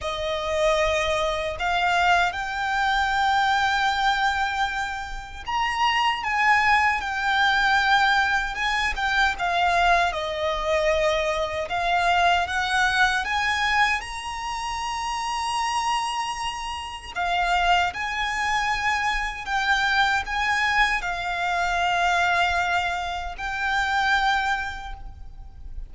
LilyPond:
\new Staff \with { instrumentName = "violin" } { \time 4/4 \tempo 4 = 77 dis''2 f''4 g''4~ | g''2. ais''4 | gis''4 g''2 gis''8 g''8 | f''4 dis''2 f''4 |
fis''4 gis''4 ais''2~ | ais''2 f''4 gis''4~ | gis''4 g''4 gis''4 f''4~ | f''2 g''2 | }